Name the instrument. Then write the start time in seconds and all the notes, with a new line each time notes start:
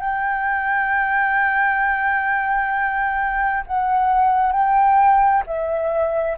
flute
0.00 G5
3.67 F#5
4.52 G5
5.46 E5